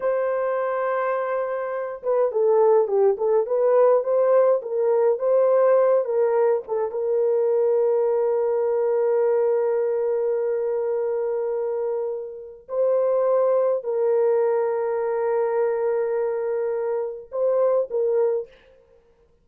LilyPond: \new Staff \with { instrumentName = "horn" } { \time 4/4 \tempo 4 = 104 c''2.~ c''8 b'8 | a'4 g'8 a'8 b'4 c''4 | ais'4 c''4. ais'4 a'8 | ais'1~ |
ais'1~ | ais'2 c''2 | ais'1~ | ais'2 c''4 ais'4 | }